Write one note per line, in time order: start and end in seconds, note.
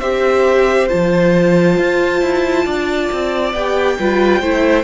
0.00 0.90 C4
0.00 0.89 G4
0.00 2.65 C5
0.00 0.88 E5
0.89 1.78 F3
0.89 3.54 F4
0.89 3.53 A5
1.78 2.22 F4
2.22 2.66 E4
2.66 3.10 D4
2.66 3.98 D5
3.13 3.53 C4
3.53 3.98 B3
3.53 4.00 G4
3.53 4.84 G5
3.99 4.42 G3
3.99 4.44 F4
3.99 4.41 B4
4.41 4.84 A3
4.41 4.84 E4
4.41 4.84 C5